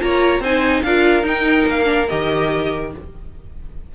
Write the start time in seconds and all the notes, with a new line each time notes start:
0.00 A#3 F4 C#5 A#5
0.40 C4 D#4 C5 G#5
0.83 D4 F4 A#4 F5
1.23 D#4 G5
1.67 A#3 F5
1.85 D4
2.09 D#3 G4 D#5